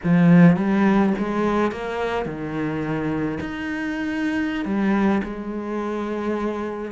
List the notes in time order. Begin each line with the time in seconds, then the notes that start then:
0.03 F3
0.56 G3
1.18 G#3
1.71 A#3
2.25 D#3
3.40 D#4
4.65 G3
5.23 G#3